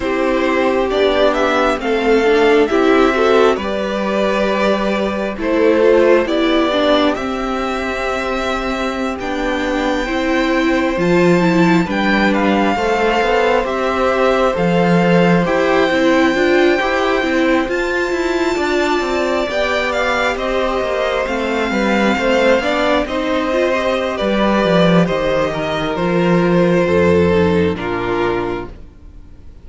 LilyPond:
<<
  \new Staff \with { instrumentName = "violin" } { \time 4/4 \tempo 4 = 67 c''4 d''8 e''8 f''4 e''4 | d''2 c''4 d''4 | e''2~ e''16 g''4.~ g''16~ | g''16 a''4 g''8 f''4. e''8.~ |
e''16 f''4 g''2~ g''8 a''16~ | a''4.~ a''16 g''8 f''8 dis''4 f''16~ | f''4.~ f''16 dis''4~ dis''16 d''4 | dis''4 c''2 ais'4 | }
  \new Staff \with { instrumentName = "violin" } { \time 4/4 g'2 a'4 g'8 a'8 | b'2 a'4 g'4~ | g'2.~ g'16 c''8.~ | c''4~ c''16 b'4 c''4.~ c''16~ |
c''1~ | c''8. d''2 c''4~ c''16~ | c''16 b'8 c''8 d''8 c''4~ c''16 b'4 | c''8 ais'4. a'4 f'4 | }
  \new Staff \with { instrumentName = "viola" } { \time 4/4 e'4 d'4 c'8 d'8 e'8 fis'8 | g'2 e'8 f'8 e'8 d'8 | c'2~ c'16 d'4 e'8.~ | e'16 f'8 e'8 d'4 a'4 g'8.~ |
g'16 a'4 g'8 e'8 f'8 g'8 e'8 f'16~ | f'4.~ f'16 g'2 c'16~ | c'4~ c'16 d'8 dis'8 f'16 g'4.~ | g'4 f'4. dis'8 d'4 | }
  \new Staff \with { instrumentName = "cello" } { \time 4/4 c'4 b4 a4 c'4 | g2 a4 b4 | c'2~ c'16 b4 c'8.~ | c'16 f4 g4 a8 b8 c'8.~ |
c'16 f4 e'8 c'8 d'8 e'8 c'8 f'16~ | f'16 e'8 d'8 c'8 b4 c'8 ais8 a16~ | a16 g8 a8 b8 c'4~ c'16 g8 f8 | dis4 f4 f,4 ais,4 | }
>>